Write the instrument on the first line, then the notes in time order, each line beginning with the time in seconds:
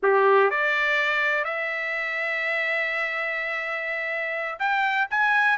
trumpet
0.02 G4
0.50 D5
1.44 E5
4.59 G5
5.10 G#5